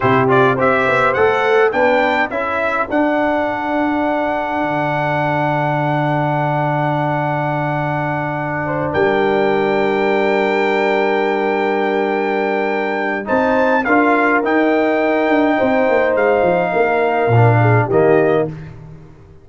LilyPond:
<<
  \new Staff \with { instrumentName = "trumpet" } { \time 4/4 \tempo 4 = 104 c''8 d''8 e''4 fis''4 g''4 | e''4 fis''2.~ | fis''1~ | fis''2.~ fis''8 g''8~ |
g''1~ | g''2. a''4 | f''4 g''2. | f''2. dis''4 | }
  \new Staff \with { instrumentName = "horn" } { \time 4/4 g'4 c''2 b'4 | a'1~ | a'1~ | a'2. c''8 ais'8~ |
ais'1~ | ais'2. c''4 | ais'2. c''4~ | c''4 ais'4. gis'8 g'4 | }
  \new Staff \with { instrumentName = "trombone" } { \time 4/4 e'8 f'8 g'4 a'4 d'4 | e'4 d'2.~ | d'1~ | d'1~ |
d'1~ | d'2. dis'4 | f'4 dis'2.~ | dis'2 d'4 ais4 | }
  \new Staff \with { instrumentName = "tuba" } { \time 4/4 c4 c'8 b8 a4 b4 | cis'4 d'2. | d1~ | d2.~ d8 g8~ |
g1~ | g2. c'4 | d'4 dis'4. d'8 c'8 ais8 | gis8 f8 ais4 ais,4 dis4 | }
>>